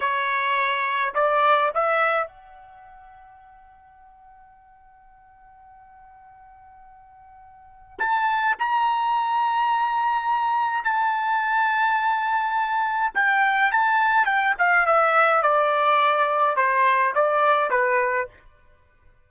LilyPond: \new Staff \with { instrumentName = "trumpet" } { \time 4/4 \tempo 4 = 105 cis''2 d''4 e''4 | fis''1~ | fis''1~ | fis''2 a''4 ais''4~ |
ais''2. a''4~ | a''2. g''4 | a''4 g''8 f''8 e''4 d''4~ | d''4 c''4 d''4 b'4 | }